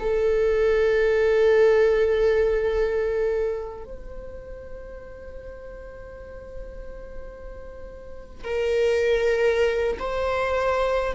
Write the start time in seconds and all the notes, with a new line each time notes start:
0.00 A4
3.84 C5
8.44 A#4
10.00 C5